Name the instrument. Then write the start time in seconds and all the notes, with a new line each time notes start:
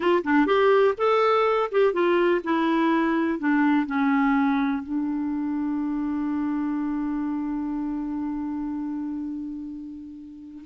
clarinet
0.00 F4
0.24 D4
0.46 G4
0.97 A4
1.71 G4
1.93 F4
2.44 E4
3.39 D4
3.86 C#4
4.83 D4